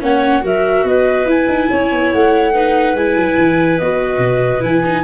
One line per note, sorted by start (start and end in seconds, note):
0.00 0.44 A#3
0.00 0.41 C#4
0.00 0.44 C#5
0.00 0.45 F#5
0.41 0.84 F#3
0.41 1.25 F#4
0.41 0.86 A#4
0.41 0.87 E5
0.84 1.25 B3
0.84 1.70 B4
0.84 1.29 D#5
1.25 1.46 E4
1.25 2.54 E4
1.25 2.12 G#5
1.48 1.69 D#4
1.70 1.92 C#4
1.70 2.54 C#5
1.92 2.12 B3
2.12 2.95 A3
2.12 2.96 F#5
2.54 2.96 D#4
2.54 5.04 B4
2.95 3.16 G#3
2.95 3.80 E4
2.95 3.78 G#5
3.16 3.37 F#3
3.38 3.80 E3
3.78 4.18 B3
3.78 4.60 F#4
3.78 4.62 D#5
4.18 4.60 B2
4.60 5.04 E3
4.60 4.81 E4
4.60 5.04 G#5
4.85 5.04 D#4